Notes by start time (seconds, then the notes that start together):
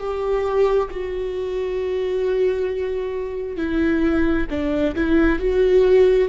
0.00 G4
0.91 F#4
3.57 E4
4.51 D4
4.95 E4
5.40 F#4